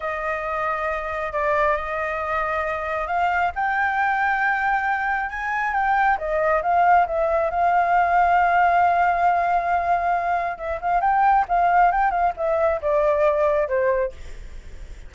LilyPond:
\new Staff \with { instrumentName = "flute" } { \time 4/4 \tempo 4 = 136 dis''2. d''4 | dis''2. f''4 | g''1 | gis''4 g''4 dis''4 f''4 |
e''4 f''2.~ | f''1 | e''8 f''8 g''4 f''4 g''8 f''8 | e''4 d''2 c''4 | }